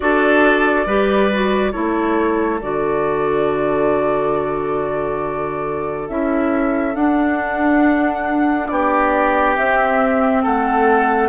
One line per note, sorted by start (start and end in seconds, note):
0.00 0.86 D4
0.00 0.86 F#4
0.00 0.86 A4
0.00 1.72 D5
0.86 1.73 G3
0.86 1.31 G4
0.86 1.72 B4
1.33 1.72 F#4
1.72 2.61 A3
1.72 2.59 E4
1.72 8.67 A4
1.72 2.59 C#5
2.61 6.09 D3
2.61 6.09 F#4
2.61 6.09 D5
6.09 6.95 C#4
6.09 6.95 E4
6.09 6.95 E5
6.95 8.69 D4
6.95 9.56 D4
6.95 8.67 F#5
8.67 9.57 B3
8.67 10.43 G4
8.67 9.54 D5
9.55 11.28 C4
9.55 10.44 C4
9.55 10.42 E5
10.43 11.28 A3
10.43 11.28 A4
10.43 11.28 F#5